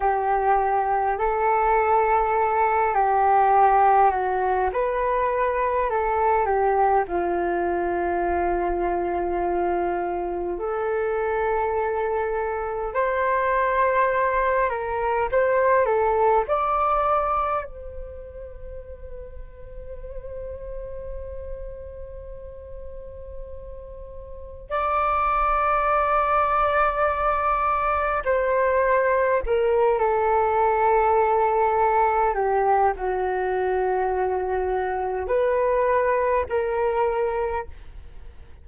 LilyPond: \new Staff \with { instrumentName = "flute" } { \time 4/4 \tempo 4 = 51 g'4 a'4. g'4 fis'8 | b'4 a'8 g'8 f'2~ | f'4 a'2 c''4~ | c''8 ais'8 c''8 a'8 d''4 c''4~ |
c''1~ | c''4 d''2. | c''4 ais'8 a'2 g'8 | fis'2 b'4 ais'4 | }